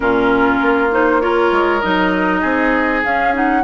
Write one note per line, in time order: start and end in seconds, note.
0.00 0.60 A#2
0.00 0.90 C#4
0.00 1.22 F4
0.00 0.90 A#4
0.61 1.51 A#3
0.90 1.20 D#4
0.90 1.21 C5
1.20 1.81 F4
1.20 2.41 A#4
1.20 1.81 C#5
1.51 1.82 G#3
1.81 2.43 F#3
1.81 3.03 D#4
1.81 3.02 D#5
2.41 3.03 C4
2.41 3.62 G#4
3.04 3.63 C#4
3.04 3.33 C#4
3.04 3.34 F5
3.33 3.63 D#4
3.33 3.63 F#5